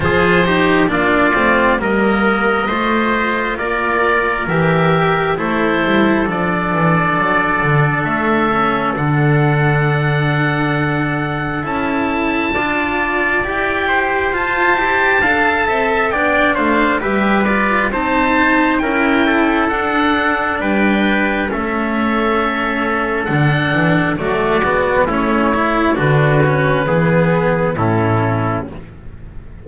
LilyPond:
<<
  \new Staff \with { instrumentName = "oboe" } { \time 4/4 \tempo 4 = 67 c''4 d''4 dis''2 | d''4 e''4 c''4 d''4~ | d''4 e''4 fis''2~ | fis''4 a''2 g''4 |
a''2 g''8 f''8 e''8 d''8 | a''4 g''4 fis''4 g''4 | e''2 fis''4 d''4 | cis''4 b'2 a'4 | }
  \new Staff \with { instrumentName = "trumpet" } { \time 4/4 gis'8 g'8 f'4 ais'4 c''4 | ais'2 a'2~ | a'1~ | a'2 d''4. c''8~ |
c''4 f''8 e''8 d''8 c''8 b'4 | c''4 ais'8 a'4. b'4 | a'2. fis'4 | e'4 fis'4 gis'4 e'4 | }
  \new Staff \with { instrumentName = "cello" } { \time 4/4 f'8 dis'8 d'8 c'8 ais4 f'4~ | f'4 g'4 e'4 d'4~ | d'4. cis'8 d'2~ | d'4 e'4 f'4 g'4 |
f'8 g'8 a'4 d'4 g'8 f'8 | dis'4 e'4 d'2 | cis'2 d'4 a8 b8 | cis'8 e'8 d'8 cis'8 b4 cis'4 | }
  \new Staff \with { instrumentName = "double bass" } { \time 4/4 f4 ais8 a8 g4 a4 | ais4 e4 a8 g8 f8 e8 | fis8 d8 a4 d2~ | d4 cis'4 d'4 e'4 |
f'8 e'8 d'8 c'8 b8 a8 g4 | c'4 cis'4 d'4 g4 | a2 d8 e8 fis8 gis8 | a4 d4 e4 a,4 | }
>>